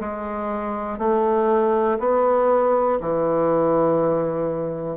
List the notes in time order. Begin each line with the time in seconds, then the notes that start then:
0.00 G#3
0.99 A3
1.99 B3
3.00 E3